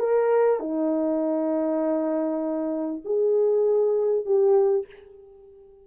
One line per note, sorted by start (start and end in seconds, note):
0.00 0.60 A#4
0.60 3.02 D#4
3.05 4.26 G#4
4.26 4.87 G4